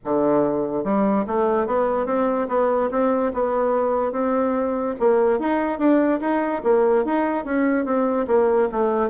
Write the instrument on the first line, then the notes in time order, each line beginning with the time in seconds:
bassoon
0.04 D3
0.84 G3
1.26 A3
1.66 B3
2.06 C4
2.48 B3
2.91 C4
3.33 B3
4.12 C4
4.99 A#3
5.39 D#4
5.78 D4
6.20 D#4
6.63 A#3
7.04 D#4
7.44 C#4
7.85 C4
8.27 A#3
8.71 A3